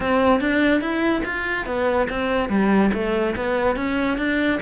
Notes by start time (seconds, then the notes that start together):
0.00 C4
0.40 D4
0.80 E4
1.25 F4
1.66 B3
2.09 C4
2.49 G3
2.93 A3
3.35 B3
3.76 C#4
4.17 D4